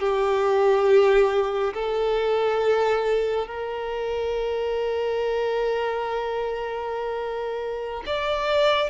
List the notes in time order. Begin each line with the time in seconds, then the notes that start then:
0.00 G4
1.74 A4
3.47 A#4
8.06 D5